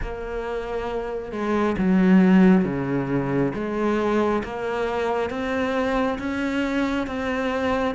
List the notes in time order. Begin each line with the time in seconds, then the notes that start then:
0.02 A#3
1.32 G#3
1.78 F#3
2.64 C#3
3.54 G#3
4.43 A#3
5.30 C4
6.18 C#4
7.06 C4